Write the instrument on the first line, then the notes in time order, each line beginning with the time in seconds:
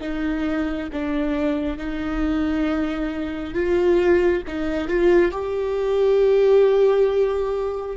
viola
0.00 D#4
0.92 D4
1.77 D#4
3.53 F4
4.47 D#4
4.88 F4
5.31 G4